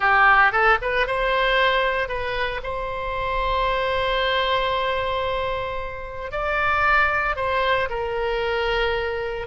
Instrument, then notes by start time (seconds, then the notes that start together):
oboe
0.00 G4
0.51 A4
0.81 B4
1.06 C5
2.08 B4
2.63 C5
6.31 D5
7.36 C5
7.89 A#4